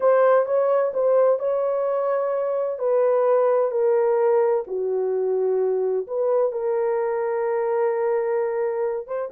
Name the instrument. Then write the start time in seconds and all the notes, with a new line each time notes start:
horn
0.00 C5
0.45 C#5
0.93 C5
1.39 C#5
2.78 B4
3.71 A#4
4.67 F#4
6.07 B4
6.52 A#4
9.07 C5